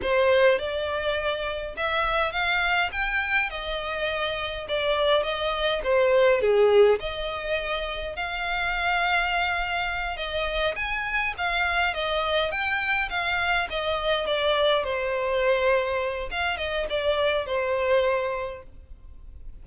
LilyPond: \new Staff \with { instrumentName = "violin" } { \time 4/4 \tempo 4 = 103 c''4 d''2 e''4 | f''4 g''4 dis''2 | d''4 dis''4 c''4 gis'4 | dis''2 f''2~ |
f''4. dis''4 gis''4 f''8~ | f''8 dis''4 g''4 f''4 dis''8~ | dis''8 d''4 c''2~ c''8 | f''8 dis''8 d''4 c''2 | }